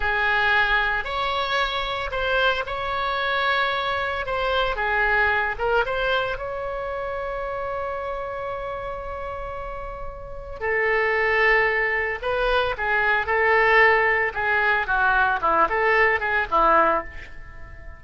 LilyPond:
\new Staff \with { instrumentName = "oboe" } { \time 4/4 \tempo 4 = 113 gis'2 cis''2 | c''4 cis''2. | c''4 gis'4. ais'8 c''4 | cis''1~ |
cis''1 | a'2. b'4 | gis'4 a'2 gis'4 | fis'4 e'8 a'4 gis'8 e'4 | }